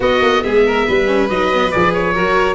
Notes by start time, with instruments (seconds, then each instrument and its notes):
0.00 tuba B3, viola B3, violin F#4, oboe D#5
0.21 tuba A#3
0.42 tuba G#3, violin G#4, oboe E5
0.66 violin A#4
0.86 tuba G3, violin B4
1.06 viola C#4
1.29 tuba F#3, viola D#4, oboe D#5
1.53 viola B3
1.71 tuba F3, viola G#4, oboe D5
1.93 oboe C#5
2.13 tuba F#3, viola F#4, violin A#4